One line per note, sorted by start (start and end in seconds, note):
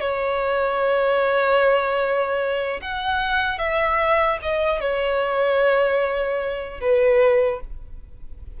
0.00 2.80 C#5
2.81 3.58 F#5
3.58 4.38 E5
4.41 4.80 D#5
4.80 6.80 C#5
6.80 7.60 B4